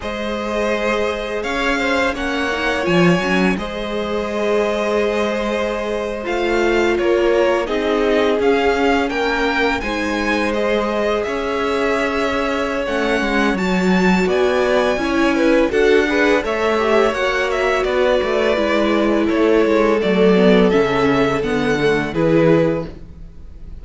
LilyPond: <<
  \new Staff \with { instrumentName = "violin" } { \time 4/4 \tempo 4 = 84 dis''2 f''4 fis''4 | gis''4 dis''2.~ | dis''8. f''4 cis''4 dis''4 f''16~ | f''8. g''4 gis''4 dis''4 e''16~ |
e''2 fis''4 a''4 | gis''2 fis''4 e''4 | fis''8 e''8 d''2 cis''4 | d''4 e''4 fis''4 b'4 | }
  \new Staff \with { instrumentName = "violin" } { \time 4/4 c''2 cis''8 c''8 cis''4~ | cis''4 c''2.~ | c''4.~ c''16 ais'4 gis'4~ gis'16~ | gis'8. ais'4 c''2 cis''16~ |
cis''1 | d''4 cis''8 b'8 a'8 b'8 cis''4~ | cis''4 b'2 a'4~ | a'2. gis'4 | }
  \new Staff \with { instrumentName = "viola" } { \time 4/4 gis'2. cis'8 dis'8 | f'8 cis'8 gis'2.~ | gis'8. f'2 dis'4 cis'16~ | cis'4.~ cis'16 dis'4 gis'4~ gis'16~ |
gis'2 cis'4 fis'4~ | fis'4 e'4 fis'8 gis'8 a'8 g'8 | fis'2 e'2 | a8 b8 cis'4 b8 a8 e'4 | }
  \new Staff \with { instrumentName = "cello" } { \time 4/4 gis2 cis'4 ais4 | f8 fis8 gis2.~ | gis8. a4 ais4 c'4 cis'16~ | cis'8. ais4 gis2 cis'16~ |
cis'2 a8 gis8 fis4 | b4 cis'4 d'4 a4 | ais4 b8 a8 gis4 a8 gis8 | fis4 cis4 d4 e4 | }
>>